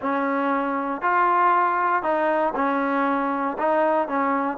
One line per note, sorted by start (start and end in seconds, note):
0.01 1.01 C#4
1.01 2.02 F4
2.02 2.53 D#4
2.55 3.57 C#4
3.58 4.07 D#4
4.07 4.57 C#4